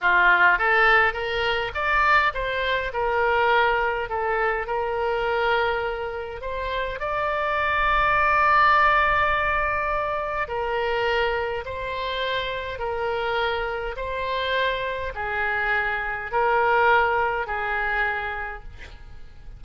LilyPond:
\new Staff \with { instrumentName = "oboe" } { \time 4/4 \tempo 4 = 103 f'4 a'4 ais'4 d''4 | c''4 ais'2 a'4 | ais'2. c''4 | d''1~ |
d''2 ais'2 | c''2 ais'2 | c''2 gis'2 | ais'2 gis'2 | }